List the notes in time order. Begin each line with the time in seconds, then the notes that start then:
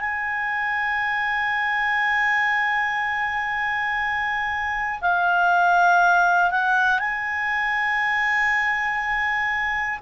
0.00 G#5
5.01 F5
6.50 F#5
6.99 G#5